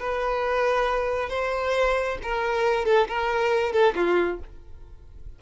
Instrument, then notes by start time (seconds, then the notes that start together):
violin
0.00 B4
1.30 C5
2.23 A#4
2.86 A4
3.08 A#4
3.73 A4
3.96 F4